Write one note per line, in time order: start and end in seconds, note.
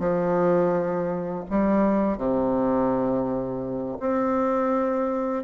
0.00 1.45 F3
1.51 2.18 G3
2.18 3.98 C3
4.00 5.44 C4